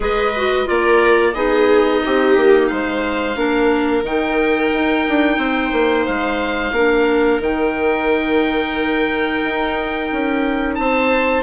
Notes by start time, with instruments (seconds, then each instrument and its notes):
0.00 bassoon G#3, clarinet G#4, viola B4, oboe D#5
0.36 clarinet F#4
0.65 bassoon A#3, clarinet F4, viola A#4, oboe D5
1.34 bassoon B3, clarinet D#4, viola G#4, oboe D#5
2.05 bassoon C4, viola G4
2.36 bassoon A#3
2.67 bassoon G#3, viola C5, oboe F5
3.35 bassoon A#3, clarinet D4, viola A#4
4.02 bassoon D#3, clarinet D#4, oboe G5
4.73 bassoon D#4
5.08 bassoon D4
5.37 bassoon C4, viola C5
5.72 bassoon A#3
6.06 bassoon G#3, oboe F5
6.72 bassoon A#3, clarinet D4, viola A#4
7.39 bassoon D#3, clarinet D#4, oboe G5
9.43 bassoon D#4
10.11 bassoon C#4
10.74 bassoon C4, viola C5, oboe A5